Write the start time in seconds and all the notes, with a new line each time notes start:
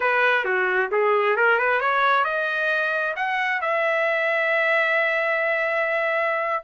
0.00 B4
0.44 F#4
0.91 G#4
1.36 A#4
1.58 B4
1.80 C#5
2.24 D#5
3.16 F#5
3.61 E5